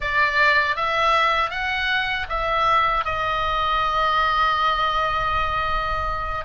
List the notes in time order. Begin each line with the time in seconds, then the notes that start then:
0.00 D5
0.76 E5
1.50 F#5
2.29 E5
3.04 D#5